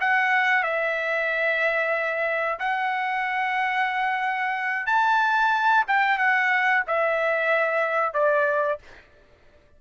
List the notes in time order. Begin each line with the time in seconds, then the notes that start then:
0.00 F#5
0.63 E5
2.59 F#5
4.86 A5
5.87 G5
6.17 F#5
6.87 E5
8.13 D5